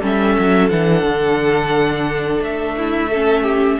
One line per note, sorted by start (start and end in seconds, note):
0.00 0.37 G3
0.00 0.70 C#4
0.00 2.76 A4
0.00 0.68 E5
0.38 0.71 F#3
0.68 1.03 E3
0.68 3.11 D4
0.68 2.41 F#5
1.03 2.40 D3
2.40 3.78 A3
2.40 3.79 E5
2.77 3.10 E4
3.10 3.79 C#4
3.10 3.42 A4
3.42 3.77 G4